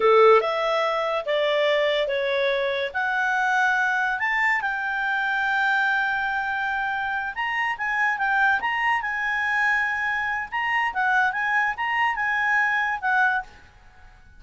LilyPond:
\new Staff \with { instrumentName = "clarinet" } { \time 4/4 \tempo 4 = 143 a'4 e''2 d''4~ | d''4 cis''2 fis''4~ | fis''2 a''4 g''4~ | g''1~ |
g''4. ais''4 gis''4 g''8~ | g''8 ais''4 gis''2~ gis''8~ | gis''4 ais''4 fis''4 gis''4 | ais''4 gis''2 fis''4 | }